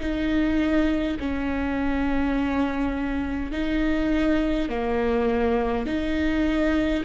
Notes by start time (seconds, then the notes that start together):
0.00 D#4
1.19 C#4
3.52 D#4
4.69 A#3
5.86 D#4